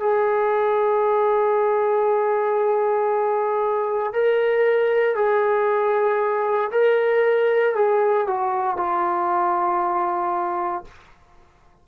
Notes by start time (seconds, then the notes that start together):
0.00 G#4
4.14 A#4
5.16 G#4
6.72 A#4
7.76 G#4
8.28 F#4
8.77 F4